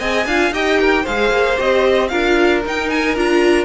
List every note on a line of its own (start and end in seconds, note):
0.00 0.26 C4
0.00 0.26 G#4
0.00 0.26 D#5
0.00 0.53 G#5
0.26 0.51 D4
0.26 0.53 F4
0.26 0.54 F5
0.51 1.04 D#4
0.51 1.06 G4
0.51 0.80 D#5
0.51 1.06 G5
0.81 1.03 A#4
1.03 1.31 G#3
1.03 1.57 G#4
1.03 2.08 C5
1.03 1.59 F5
1.31 1.58 A#3
1.57 2.13 C4
1.57 2.10 G4
1.57 2.08 D#5
2.08 2.65 D4
2.08 2.64 F4
2.08 3.65 A#4
2.08 2.61 F5
2.65 3.16 D#4
2.65 2.90 G5
2.90 3.16 G#5
3.16 3.65 D4
3.16 3.65 F4
3.16 3.65 A#5